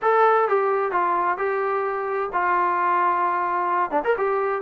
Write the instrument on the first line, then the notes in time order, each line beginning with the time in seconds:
trombone
0.02 A4
0.48 G4
0.91 F4
1.37 G4
2.32 F4
3.90 D4
4.04 A#4
4.17 G4